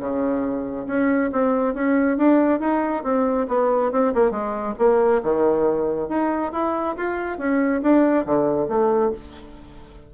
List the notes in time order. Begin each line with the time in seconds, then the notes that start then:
0.00 C#3
0.87 C#4
1.32 C4
1.75 C#4
2.18 D4
2.60 D#4
3.04 C4
3.48 B3
3.92 C4
4.14 A#3
4.31 G#3
4.79 A#3
5.23 D#3
6.09 D#4
6.52 E4
6.97 F4
7.38 C#4
7.82 D4
8.26 D3
8.68 A3